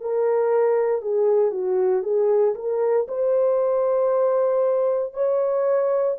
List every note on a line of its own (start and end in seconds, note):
0.00 1.02 A#4
1.02 1.51 G#4
1.51 2.02 F#4
2.02 2.54 G#4
2.55 3.07 A#4
3.08 5.13 C5
5.13 6.17 C#5